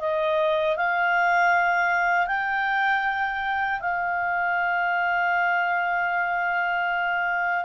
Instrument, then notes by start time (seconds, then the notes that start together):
clarinet
0.00 D#5
0.77 F5
2.27 G5
3.80 F5